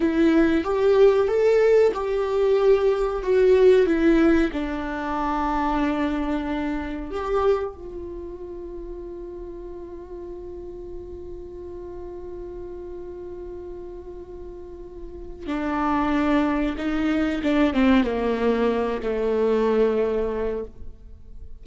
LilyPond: \new Staff \with { instrumentName = "viola" } { \time 4/4 \tempo 4 = 93 e'4 g'4 a'4 g'4~ | g'4 fis'4 e'4 d'4~ | d'2. g'4 | f'1~ |
f'1~ | f'1 | d'2 dis'4 d'8 c'8 | ais4. a2~ a8 | }